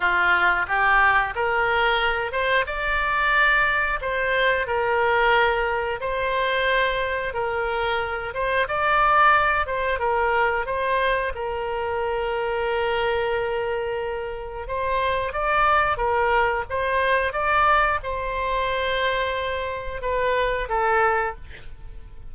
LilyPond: \new Staff \with { instrumentName = "oboe" } { \time 4/4 \tempo 4 = 90 f'4 g'4 ais'4. c''8 | d''2 c''4 ais'4~ | ais'4 c''2 ais'4~ | ais'8 c''8 d''4. c''8 ais'4 |
c''4 ais'2.~ | ais'2 c''4 d''4 | ais'4 c''4 d''4 c''4~ | c''2 b'4 a'4 | }